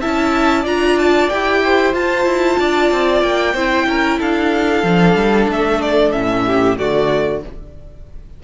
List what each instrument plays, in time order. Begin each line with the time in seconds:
0.00 cello C#4, viola E4, violin E5 A5
0.62 cello D4, viola F4, violin D5 A#5
0.98 violin A5
1.29 cello E4, viola G4, violin G5
1.63 violin C5
1.93 viola F4, cello F4, violin A5
2.24 cello E4
2.59 cello D4, violin D5
2.91 cello C4
3.22 cello A#3, violin G5
3.54 cello C4, viola E4, violin C5
3.87 cello C#4, violin A#4
4.19 cello D4, violin A4 F5
4.83 cello F3, viola D4
5.15 cello G3
5.48 cello A3, violin E5
5.81 violin D5
6.12 cello A2, viola C#4, violin E5
6.46 violin G4
6.76 cello D3, viola A3, violin F#4 D5